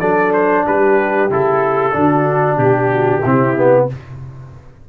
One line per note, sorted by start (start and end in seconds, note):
0.00 0.66 F#3
0.00 1.30 D4
0.00 0.65 A4
0.00 0.32 D5
0.33 0.66 C5
0.67 1.30 G3
0.67 1.96 G4
0.67 1.31 B4
1.30 1.94 C#3
1.30 1.92 E4
1.30 2.58 A4
1.92 2.57 D3
1.92 3.22 D4
1.92 2.58 F#4
2.57 3.22 B2
2.57 3.87 G4
2.57 2.91 G4
2.92 3.22 F#4
3.22 3.89 C3
3.22 3.57 C4
3.22 3.87 E4
3.57 3.89 B3